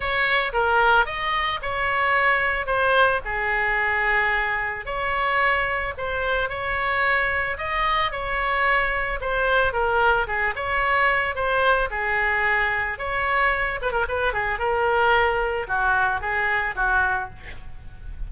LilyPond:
\new Staff \with { instrumentName = "oboe" } { \time 4/4 \tempo 4 = 111 cis''4 ais'4 dis''4 cis''4~ | cis''4 c''4 gis'2~ | gis'4 cis''2 c''4 | cis''2 dis''4 cis''4~ |
cis''4 c''4 ais'4 gis'8 cis''8~ | cis''4 c''4 gis'2 | cis''4. b'16 ais'16 b'8 gis'8 ais'4~ | ais'4 fis'4 gis'4 fis'4 | }